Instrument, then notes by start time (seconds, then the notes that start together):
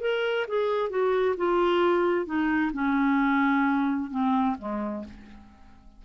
clarinet
0.00 A#4
0.47 G#4
0.89 F#4
1.37 F4
2.25 D#4
2.73 C#4
4.10 C4
4.58 G#3